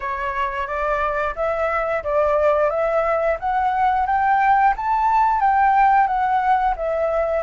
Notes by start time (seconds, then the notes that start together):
0.00 C#5
0.67 D5
1.35 E5
2.03 D5
2.70 E5
3.39 F#5
4.06 G5
4.76 A5
5.40 G5
6.07 F#5
6.76 E5